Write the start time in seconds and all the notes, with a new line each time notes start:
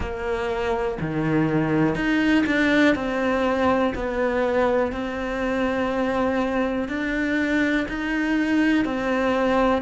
0.00 A#3
1.00 D#3
1.95 D#4
2.46 D4
2.95 C4
3.94 B3
4.92 C4
6.88 D4
7.88 D#4
8.84 C4